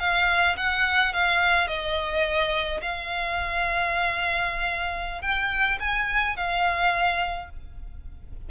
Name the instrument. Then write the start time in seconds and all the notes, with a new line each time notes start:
violin
0.00 F5
0.57 F#5
1.13 F5
1.68 D#5
2.82 F5
5.22 G5
5.80 G#5
6.37 F5